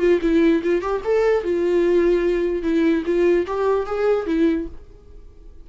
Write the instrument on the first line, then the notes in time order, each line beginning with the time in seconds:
viola
0.00 F4
0.22 E4
0.64 F4
0.82 G4
1.05 A4
1.44 F4
2.63 E4
3.06 F4
3.47 G4
3.87 G#4
4.27 E4